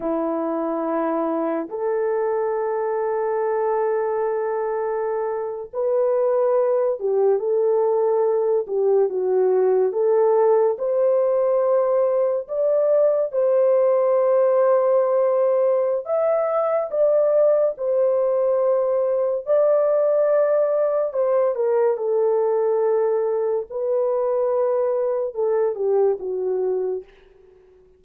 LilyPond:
\new Staff \with { instrumentName = "horn" } { \time 4/4 \tempo 4 = 71 e'2 a'2~ | a'2~ a'8. b'4~ b'16~ | b'16 g'8 a'4. g'8 fis'4 a'16~ | a'8. c''2 d''4 c''16~ |
c''2. e''4 | d''4 c''2 d''4~ | d''4 c''8 ais'8 a'2 | b'2 a'8 g'8 fis'4 | }